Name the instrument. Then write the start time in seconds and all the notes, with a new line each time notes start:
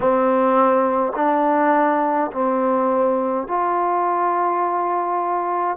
trombone
0.00 C4
1.15 D4
2.32 C4
3.47 F4